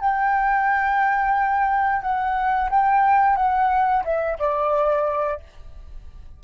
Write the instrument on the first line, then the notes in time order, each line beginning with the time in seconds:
flute
0.00 G5
2.02 F#5
2.70 G5
3.36 F#5
4.04 E5
4.39 D5